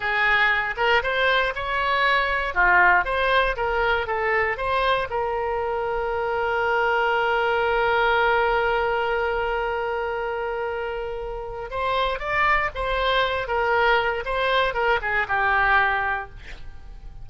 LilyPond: \new Staff \with { instrumentName = "oboe" } { \time 4/4 \tempo 4 = 118 gis'4. ais'8 c''4 cis''4~ | cis''4 f'4 c''4 ais'4 | a'4 c''4 ais'2~ | ais'1~ |
ais'1~ | ais'2. c''4 | d''4 c''4. ais'4. | c''4 ais'8 gis'8 g'2 | }